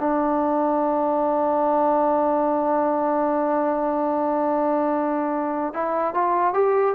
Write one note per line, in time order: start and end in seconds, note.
0.00 5.74 D4
5.74 6.14 E4
6.14 6.54 F4
6.54 6.95 G4